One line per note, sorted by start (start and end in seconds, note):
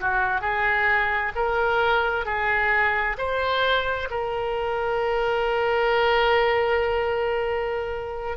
0.00 0.41 F#4
0.41 1.32 G#4
1.36 2.26 A#4
2.26 3.17 G#4
3.18 4.09 C5
4.10 8.37 A#4